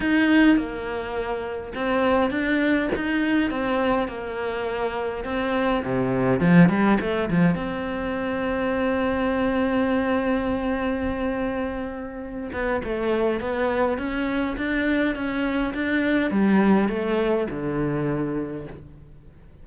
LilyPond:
\new Staff \with { instrumentName = "cello" } { \time 4/4 \tempo 4 = 103 dis'4 ais2 c'4 | d'4 dis'4 c'4 ais4~ | ais4 c'4 c4 f8 g8 | a8 f8 c'2.~ |
c'1~ | c'4. b8 a4 b4 | cis'4 d'4 cis'4 d'4 | g4 a4 d2 | }